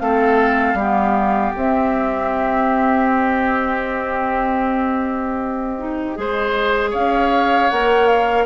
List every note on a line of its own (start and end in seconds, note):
0.00 0.75 A3
0.00 0.78 C4
0.00 0.79 A4
0.00 1.54 F5
0.75 1.51 G3
0.75 1.56 B3
0.75 6.18 G4
1.56 6.18 C4
1.56 5.79 C4
1.56 3.10 E5
3.10 6.94 D#5
5.79 6.16 D#4
6.16 6.94 G#3
6.16 7.70 G#4
6.16 6.91 C5
6.91 7.71 C#4
6.91 8.44 C#5
6.91 7.70 F5
7.70 8.47 A#3
7.70 8.47 A#4
7.70 8.07 F#5
8.07 8.46 F5